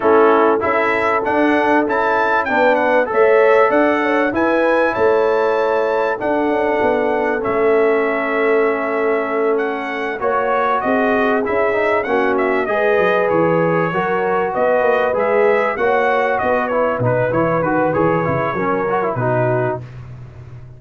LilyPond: <<
  \new Staff \with { instrumentName = "trumpet" } { \time 4/4 \tempo 4 = 97 a'4 e''4 fis''4 a''4 | g''8 fis''8 e''4 fis''4 gis''4 | a''2 fis''2 | e''2.~ e''8 fis''8~ |
fis''8 cis''4 dis''4 e''4 fis''8 | e''8 dis''4 cis''2 dis''8~ | dis''8 e''4 fis''4 dis''8 cis''8 b'8 | cis''8 b'8 cis''2 b'4 | }
  \new Staff \with { instrumentName = "horn" } { \time 4/4 e'4 a'2. | b'4 cis''4 d''8 cis''8 b'4 | cis''2 a'2~ | a'1~ |
a'8 cis''4 gis'2 fis'8~ | fis'8 b'2 ais'4 b'8~ | b'4. cis''4 b'4.~ | b'2 ais'4 fis'4 | }
  \new Staff \with { instrumentName = "trombone" } { \time 4/4 cis'4 e'4 d'4 e'4 | d'4 a'2 e'4~ | e'2 d'2 | cis'1~ |
cis'8 fis'2 e'8 dis'8 cis'8~ | cis'8 gis'2 fis'4.~ | fis'8 gis'4 fis'4. e'8 dis'8 | e'8 fis'8 gis'8 e'8 cis'8 fis'16 e'16 dis'4 | }
  \new Staff \with { instrumentName = "tuba" } { \time 4/4 a4 cis'4 d'4 cis'4 | b4 a4 d'4 e'4 | a2 d'8 cis'8 b4 | a1~ |
a8 ais4 c'4 cis'4 ais8~ | ais8 gis8 fis8 e4 fis4 b8 | ais8 gis4 ais4 b4 b,8 | e8 dis8 e8 cis8 fis4 b,4 | }
>>